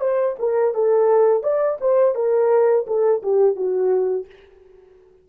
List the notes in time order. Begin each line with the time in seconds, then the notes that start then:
0.00 C5
0.39 A#4
0.74 A4
1.42 D5
1.80 C5
2.15 A#4
2.87 A4
3.22 G4
3.55 F#4